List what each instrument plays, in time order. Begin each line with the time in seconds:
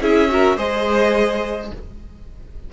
0.00 cello C#4, viola E4, violin G#4 E5
0.28 viola F#4, violin A#4
0.56 cello G#3, viola G#4, violin C5 D#5